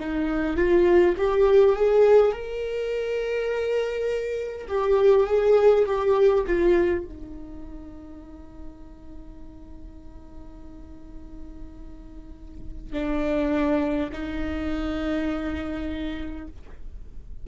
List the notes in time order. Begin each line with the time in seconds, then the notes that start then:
0.00 D#4
0.57 F4
1.18 G4
1.76 G#4
2.33 A#4
4.68 G4
5.27 G#4
5.86 G4
6.47 F4
7.05 D#4
12.93 D4
14.13 D#4